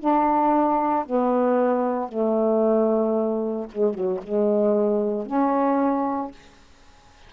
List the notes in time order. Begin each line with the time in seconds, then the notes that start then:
0.00 D4
1.06 B3
2.09 A3
3.72 G#3
3.95 F#3
4.23 G#3
5.26 C#4